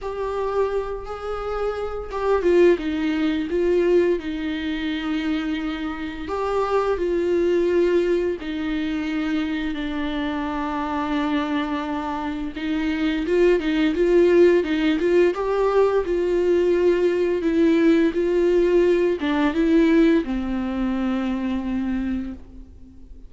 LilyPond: \new Staff \with { instrumentName = "viola" } { \time 4/4 \tempo 4 = 86 g'4. gis'4. g'8 f'8 | dis'4 f'4 dis'2~ | dis'4 g'4 f'2 | dis'2 d'2~ |
d'2 dis'4 f'8 dis'8 | f'4 dis'8 f'8 g'4 f'4~ | f'4 e'4 f'4. d'8 | e'4 c'2. | }